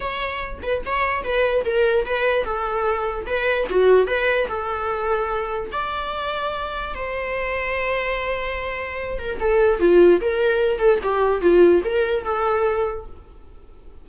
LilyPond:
\new Staff \with { instrumentName = "viola" } { \time 4/4 \tempo 4 = 147 cis''4. b'8 cis''4 b'4 | ais'4 b'4 a'2 | b'4 fis'4 b'4 a'4~ | a'2 d''2~ |
d''4 c''2.~ | c''2~ c''8 ais'8 a'4 | f'4 ais'4. a'8 g'4 | f'4 ais'4 a'2 | }